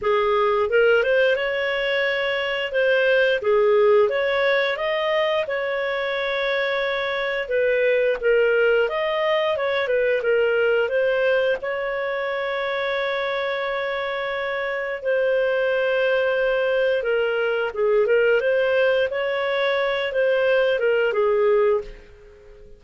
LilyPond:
\new Staff \with { instrumentName = "clarinet" } { \time 4/4 \tempo 4 = 88 gis'4 ais'8 c''8 cis''2 | c''4 gis'4 cis''4 dis''4 | cis''2. b'4 | ais'4 dis''4 cis''8 b'8 ais'4 |
c''4 cis''2.~ | cis''2 c''2~ | c''4 ais'4 gis'8 ais'8 c''4 | cis''4. c''4 ais'8 gis'4 | }